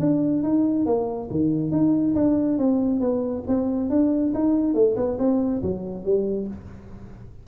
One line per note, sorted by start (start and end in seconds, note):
0.00 0.43 D4
0.43 0.86 D#4
0.86 1.29 A#3
1.31 1.71 D#3
1.71 2.15 D#4
2.15 2.58 D4
2.58 3.00 C4
3.00 3.44 B3
3.48 3.90 C4
3.90 4.33 D4
4.34 4.74 D#4
4.74 4.96 A3
4.97 5.18 B3
5.19 5.62 C4
5.62 6.05 F#3
6.05 6.48 G3